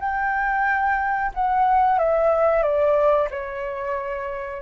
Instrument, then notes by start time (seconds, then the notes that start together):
flute
0.00 G5
1.35 F#5
1.99 E5
2.63 D5
3.31 C#5